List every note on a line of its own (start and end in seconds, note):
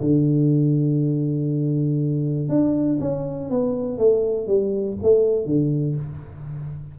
0.00 2.48 D3
2.48 2.98 D4
3.00 3.49 C#4
3.49 3.98 B3
3.98 4.47 A3
4.47 4.97 G3
5.02 5.45 A3
5.45 5.95 D3